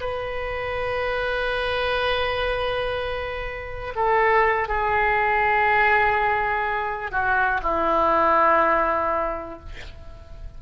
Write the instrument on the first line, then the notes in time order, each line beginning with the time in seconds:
oboe
0.00 B4
3.95 A4
4.68 G#4
7.11 F#4
7.63 E4